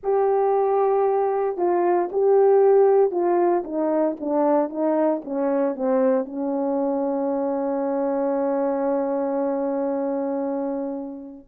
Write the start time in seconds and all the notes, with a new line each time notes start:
0.03 G4
1.57 F4
2.11 G4
3.11 F4
3.64 D#4
4.20 D4
4.69 D#4
5.24 C#4
5.75 C4
6.25 C#4